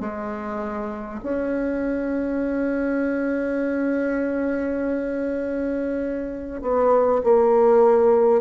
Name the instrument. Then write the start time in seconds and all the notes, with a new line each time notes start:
bassoon
0.00 G#3
1.22 C#4
6.61 B3
7.23 A#3